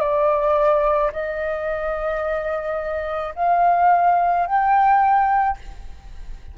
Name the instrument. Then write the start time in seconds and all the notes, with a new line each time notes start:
flute
0.00 D5
1.12 D#5
3.35 F5
4.46 G5